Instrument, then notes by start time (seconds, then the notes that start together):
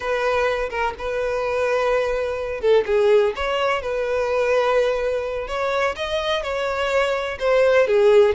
violin
0.00 B4
0.70 A#4
0.98 B4
2.60 A4
2.86 G#4
3.35 C#5
3.82 B4
5.47 C#5
5.96 D#5
6.43 C#5
7.39 C5
7.87 G#4